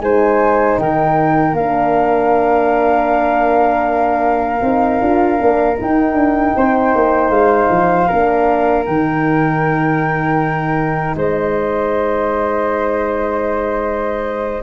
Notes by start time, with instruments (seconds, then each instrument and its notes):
0.00 tuba G#3, horn D#4, flute C5 G#5
0.78 tuba D#3, flute A#4 G5
1.52 tuba A#3, horn D4, flute F5
4.62 tuba C4, horn D#4
5.01 tuba D4, horn F4
5.37 tuba A#3, horn D4
5.78 horn D#4, tuba D#4, flute G5
6.13 tuba D4
6.56 tuba C4, flute C5
6.95 tuba A#3
7.29 tuba G#3, flute F5
7.70 tuba F3
8.08 tuba A#3, horn D4, flute A#4
8.86 tuba D#3, horn D#4, flute G5
11.15 tuba G#3, flute C5 D#5